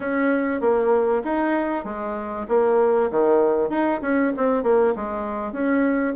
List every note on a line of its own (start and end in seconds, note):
0.00 0.60 C#4
0.60 1.22 A#3
1.24 1.84 D#4
1.84 2.46 G#3
2.48 3.10 A#3
3.11 3.69 D#3
3.69 4.00 D#4
4.01 4.32 C#4
4.36 4.63 C4
4.63 4.94 A#3
4.95 5.52 G#3
5.52 6.14 C#4